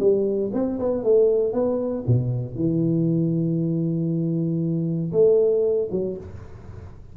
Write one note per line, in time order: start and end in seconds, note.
0.00 0.51 G3
0.54 0.79 C4
0.79 1.04 B3
1.04 1.53 A3
1.53 2.04 B3
2.07 2.55 B2
2.55 5.12 E3
5.12 5.89 A3
5.92 6.17 F#3